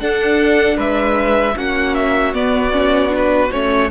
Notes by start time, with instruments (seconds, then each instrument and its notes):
0.00 viola D4, cello D4, violin A4 F#5
0.77 cello G#3, violin B4 E5
1.56 cello A#3, viola C#4, violin F#4 F#5
1.95 violin E5
2.34 cello B3, viola B3, violin D5
2.73 viola C#4
3.10 viola D4
3.16 violin B4
3.52 cello A3, viola C#4, violin C#5